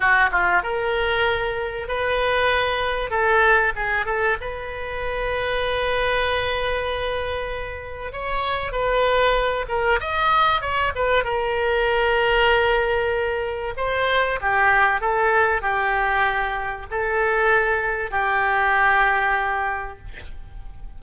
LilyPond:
\new Staff \with { instrumentName = "oboe" } { \time 4/4 \tempo 4 = 96 fis'8 f'8 ais'2 b'4~ | b'4 a'4 gis'8 a'8 b'4~ | b'1~ | b'4 cis''4 b'4. ais'8 |
dis''4 cis''8 b'8 ais'2~ | ais'2 c''4 g'4 | a'4 g'2 a'4~ | a'4 g'2. | }